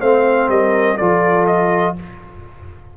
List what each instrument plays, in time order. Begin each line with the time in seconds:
0.00 tuba A3, trombone C4, horn C5, trumpet F5
0.48 tuba G3, horn A#4, trumpet D#5
0.97 tuba F3, trombone F4, horn A4, trumpet D5
1.46 trumpet D#5